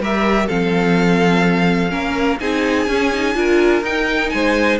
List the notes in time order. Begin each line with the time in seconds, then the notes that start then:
0.00 G3 G4 A#4 E5
0.47 F3 C4 A4 F5
1.90 A#3 C#4 A#4
2.40 C4 D#4 G#4 G#5
2.88 C#4
3.13 D#4
3.34 D4 F4 A#4
3.82 D#4 G5
4.29 G#3 C5 G#5